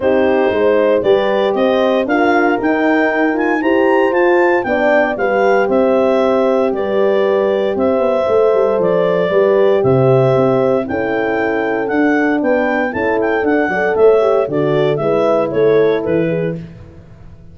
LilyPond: <<
  \new Staff \with { instrumentName = "clarinet" } { \time 4/4 \tempo 4 = 116 c''2 d''4 dis''4 | f''4 g''4. gis''8 ais''4 | a''4 g''4 f''4 e''4~ | e''4 d''2 e''4~ |
e''4 d''2 e''4~ | e''4 g''2 fis''4 | g''4 a''8 g''8 fis''4 e''4 | d''4 e''4 cis''4 b'4 | }
  \new Staff \with { instrumentName = "horn" } { \time 4/4 g'4 c''4 b'4 c''4 | ais'2. c''4~ | c''4 d''4 b'4 c''4~ | c''4 b'2 c''4~ |
c''2 b'4 c''4~ | c''4 a'2. | b'4 a'4. d''8 cis''4 | a'4 b'4 a'4. gis'8 | }
  \new Staff \with { instrumentName = "horn" } { \time 4/4 dis'2 g'2 | f'4 dis'4. f'8 g'4 | f'4 d'4 g'2~ | g'1 |
a'2 g'2~ | g'4 e'2 d'4~ | d'4 e'4 d'8 a'4 g'8 | fis'4 e'2. | }
  \new Staff \with { instrumentName = "tuba" } { \time 4/4 c'4 gis4 g4 c'4 | d'4 dis'2 e'4 | f'4 b4 g4 c'4~ | c'4 g2 c'8 b8 |
a8 g8 f4 g4 c4 | c'4 cis'2 d'4 | b4 cis'4 d'8 fis8 a4 | d4 gis4 a4 e4 | }
>>